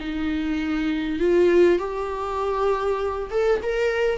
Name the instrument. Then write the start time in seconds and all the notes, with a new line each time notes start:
viola
0.00 D#4
1.20 F4
1.79 G4
3.31 A4
3.63 A#4